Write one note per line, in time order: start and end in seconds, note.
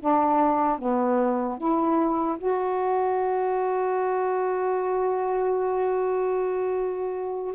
0.00 0.79 D4
0.79 1.58 B3
1.58 2.38 E4
2.39 7.55 F#4